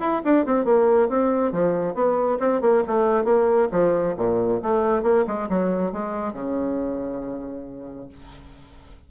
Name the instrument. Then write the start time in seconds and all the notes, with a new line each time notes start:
bassoon
0.00 E4
0.24 D4
0.46 C4
0.65 A#3
1.09 C4
1.52 F3
1.94 B3
2.40 C4
2.61 A#3
2.87 A3
3.24 A#3
3.71 F3
4.17 A#2
4.62 A3
5.03 A#3
5.27 G#3
5.49 F#3
5.92 G#3
6.33 C#3